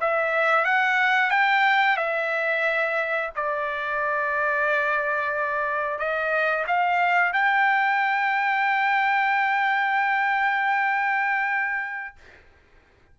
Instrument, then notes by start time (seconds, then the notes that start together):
trumpet
0.00 E5
0.65 F#5
1.30 G5
1.97 E5
3.35 D5
5.98 D#5
6.67 F5
7.32 G5